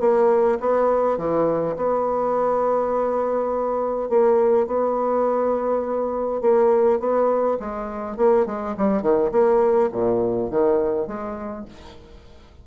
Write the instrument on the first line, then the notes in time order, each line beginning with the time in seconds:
bassoon
0.00 A#3
0.60 B3
1.18 E3
1.76 B3
4.09 A#3
4.67 B3
6.41 A#3
6.99 B3
7.60 G#3
8.17 A#3
8.46 G#3
8.77 G3
9.02 D#3
9.32 A#3
9.92 A#2
10.50 D#3
11.07 G#3